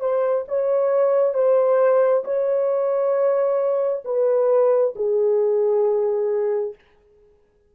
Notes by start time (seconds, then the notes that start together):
0.00 C5
0.48 C#5
1.34 C5
2.24 C#5
4.05 B4
4.95 G#4